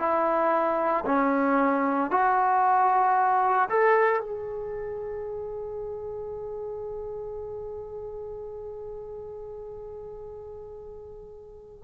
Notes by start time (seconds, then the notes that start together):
0.00 E4
1.06 C#4
2.11 F#4
3.69 A4
4.21 G#4